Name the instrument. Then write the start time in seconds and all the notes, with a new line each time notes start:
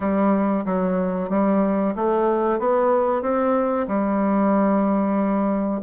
bassoon
0.00 G3
0.65 F#3
1.29 G3
1.95 A3
2.59 B3
3.22 C4
3.87 G3